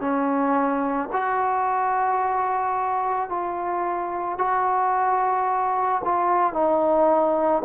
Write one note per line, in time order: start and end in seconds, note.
0.00 1.09 C#4
1.13 3.29 F#4
3.29 4.38 F4
4.38 6.01 F#4
6.04 6.53 F4
6.53 7.62 D#4